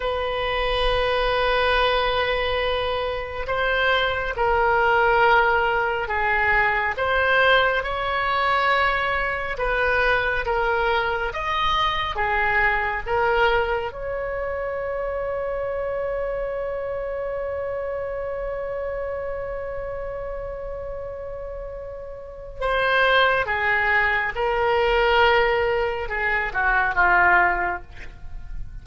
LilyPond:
\new Staff \with { instrumentName = "oboe" } { \time 4/4 \tempo 4 = 69 b'1 | c''4 ais'2 gis'4 | c''4 cis''2 b'4 | ais'4 dis''4 gis'4 ais'4 |
cis''1~ | cis''1~ | cis''2 c''4 gis'4 | ais'2 gis'8 fis'8 f'4 | }